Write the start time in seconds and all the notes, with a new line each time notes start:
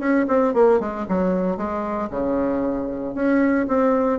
0.00 C#4
0.28 C4
0.54 A#3
0.80 G#3
1.09 F#3
1.57 G#3
2.11 C#3
3.15 C#4
3.68 C4